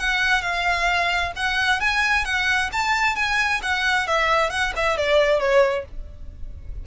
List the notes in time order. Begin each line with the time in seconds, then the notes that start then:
0.00 F#5
0.42 F5
1.37 F#5
1.81 G#5
2.25 F#5
2.73 A5
3.16 G#5
3.63 F#5
4.07 E5
4.51 F#5
4.76 E5
4.98 D5
5.40 C#5